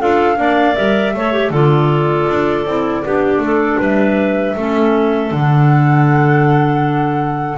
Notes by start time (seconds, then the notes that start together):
0.00 D4 F4 A4 F5
0.36 A#3 D4 D5
0.75 G3 A#4 E5
1.14 A3 A4 C#5
1.33 G4
1.50 D3 F4 A4 D5
2.30 D4
2.66 C4 E4
3.05 B3 D4 G4
3.39 A3 A4
3.79 G3 B4 E5
4.56 A3 C#4 A4
5.31 D3 D4 F#5